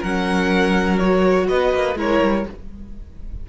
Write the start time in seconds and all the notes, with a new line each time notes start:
0.00 F#3 C#4 A#4 F#5
0.99 F#4 C#5
1.49 B3 B4 D#5
1.74 A#3
1.96 G#3 E4 A#4 C#5
2.22 G3